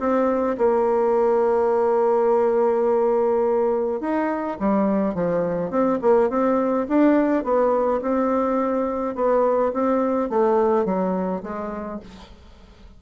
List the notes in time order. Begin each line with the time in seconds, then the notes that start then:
0.00 C4
0.58 A#3
4.01 D#4
4.60 G3
5.15 F3
5.71 C4
6.02 A#3
6.30 C4
6.89 D4
7.44 B3
8.02 C4
9.16 B3
9.74 C4
10.30 A3
10.86 F#3
11.43 G#3